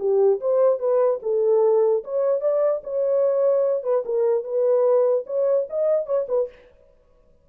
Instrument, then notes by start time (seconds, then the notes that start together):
horn
0.00 G4
0.41 C5
0.80 B4
1.23 A4
2.04 C#5
2.41 D5
2.84 C#5
3.84 B4
4.06 A#4
4.44 B4
5.27 C#5
5.70 D#5
6.06 C#5
6.29 B4